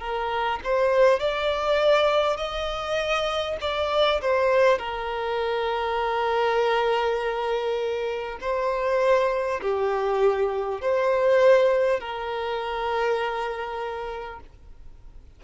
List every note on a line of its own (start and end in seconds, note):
0.00 0.60 A#4
0.64 1.19 C5
1.19 2.37 D5
2.37 3.57 D#5
3.61 4.21 D5
4.22 4.78 C5
4.78 8.38 A#4
8.41 9.61 C5
9.62 10.82 G4
10.82 12.01 C5
12.01 14.41 A#4